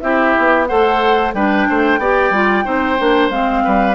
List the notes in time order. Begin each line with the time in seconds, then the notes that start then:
0.00 C4 E4 G4 E5
0.38 B3
0.67 A3 A4 C5 F#5
1.34 G3 D4 B4 G5
1.69 A3 C5
1.98 B3 G4 D5
2.30 G3 F4
2.64 C4 D#4 C5
2.98 A#3 D4
3.30 G#3 C4 F5
3.64 G3 B4